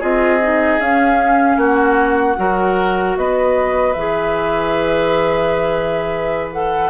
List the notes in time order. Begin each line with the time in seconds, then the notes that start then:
0.00 C4 F4 G#4 D#5
0.41 D#4
0.80 C#4 F5
1.57 A#3 F#4 F#5
2.37 F#3 F#4 A#4
3.17 B3 B4 D#5
3.94 E3 G#4 E5
6.53 A4 F#5